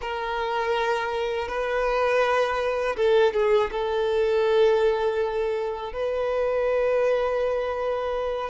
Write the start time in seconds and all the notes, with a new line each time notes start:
0.01 A#4
1.47 B4
2.96 A4
3.33 G#4
3.71 A4
5.92 B4